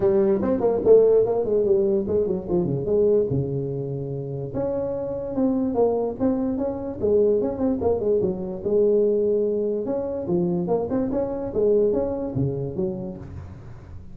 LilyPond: \new Staff \with { instrumentName = "tuba" } { \time 4/4 \tempo 4 = 146 g4 c'8 ais8 a4 ais8 gis8 | g4 gis8 fis8 f8 cis8 gis4 | cis2. cis'4~ | cis'4 c'4 ais4 c'4 |
cis'4 gis4 cis'8 c'8 ais8 gis8 | fis4 gis2. | cis'4 f4 ais8 c'8 cis'4 | gis4 cis'4 cis4 fis4 | }